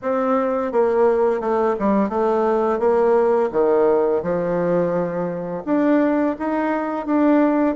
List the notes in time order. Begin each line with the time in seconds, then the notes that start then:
0.02 C4
0.72 A#3
1.40 A3
1.79 G3
2.09 A3
2.79 A#3
3.51 D#3
4.22 F3
5.65 D4
6.38 D#4
7.06 D4